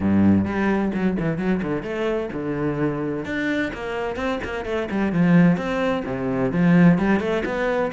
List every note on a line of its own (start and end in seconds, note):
0.00 0.45 G2
0.45 0.91 G3
0.94 1.17 F#3
1.19 1.37 E3
1.37 1.61 F#3
1.62 1.83 D3
1.83 2.29 A3
2.32 3.25 D3
3.25 3.71 D4
3.73 4.15 A#3
4.15 4.39 C4
4.44 4.65 A#3
4.65 4.88 A3
4.91 5.12 G3
5.12 5.57 F3
5.57 6.03 C4
6.05 6.52 C3
6.52 6.98 F3
6.98 7.20 G3
7.20 7.43 A3
7.45 7.91 B3